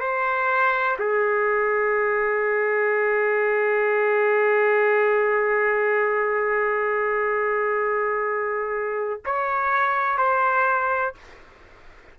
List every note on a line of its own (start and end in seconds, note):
0.00 0.97 C5
0.99 9.21 G#4
9.25 10.18 C#5
10.18 11.15 C5